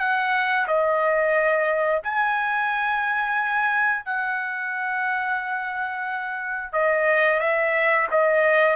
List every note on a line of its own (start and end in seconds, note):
0.00 0.67 F#5
0.68 2.03 D#5
2.04 4.05 G#5
4.05 6.73 F#5
6.73 7.40 D#5
7.40 8.08 E5
8.11 8.77 D#5